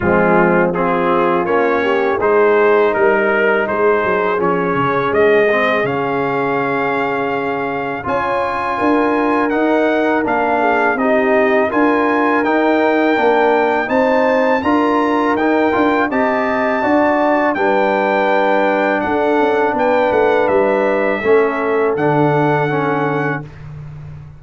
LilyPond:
<<
  \new Staff \with { instrumentName = "trumpet" } { \time 4/4 \tempo 4 = 82 f'4 gis'4 cis''4 c''4 | ais'4 c''4 cis''4 dis''4 | f''2. gis''4~ | gis''4 fis''4 f''4 dis''4 |
gis''4 g''2 a''4 | ais''4 g''4 a''2 | g''2 fis''4 g''8 fis''8 | e''2 fis''2 | }
  \new Staff \with { instrumentName = "horn" } { \time 4/4 c'4 f'4. g'8 gis'4 | ais'4 gis'2.~ | gis'2. cis''4 | ais'2~ ais'8 gis'8 g'4 |
ais'2. c''4 | ais'2 dis''4 d''4 | b'2 a'4 b'4~ | b'4 a'2. | }
  \new Staff \with { instrumentName = "trombone" } { \time 4/4 gis4 c'4 cis'4 dis'4~ | dis'2 cis'4. c'8 | cis'2. f'4~ | f'4 dis'4 d'4 dis'4 |
f'4 dis'4 d'4 dis'4 | f'4 dis'8 f'8 g'4 fis'4 | d'1~ | d'4 cis'4 d'4 cis'4 | }
  \new Staff \with { instrumentName = "tuba" } { \time 4/4 f2 ais4 gis4 | g4 gis8 fis8 f8 cis8 gis4 | cis2. cis'4 | d'4 dis'4 ais4 c'4 |
d'4 dis'4 ais4 c'4 | d'4 dis'8 d'8 c'4 d'4 | g2 d'8 cis'8 b8 a8 | g4 a4 d2 | }
>>